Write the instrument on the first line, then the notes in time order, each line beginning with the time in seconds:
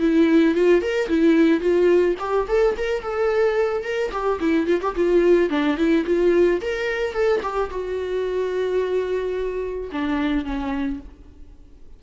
viola
0.00 E4
0.55 F4
0.82 A#4
1.09 E4
1.60 F4
2.19 G4
2.48 A4
2.77 A#4
3.02 A4
3.84 A#4
4.12 G4
4.40 E4
4.67 F4
4.81 G4
4.96 F4
5.50 D4
5.77 E4
6.06 F4
6.61 A#4
7.13 A4
7.43 G4
7.70 F#4
9.92 D4
10.45 C#4